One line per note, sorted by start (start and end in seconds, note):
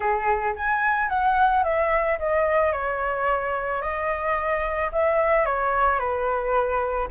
0.00 0.54 G#4
0.55 1.09 G#5
1.09 1.63 F#5
1.63 2.18 E5
2.18 2.72 D#5
2.72 3.81 C#5
3.81 4.90 D#5
4.91 5.45 E5
5.45 5.99 C#5
5.99 7.08 B4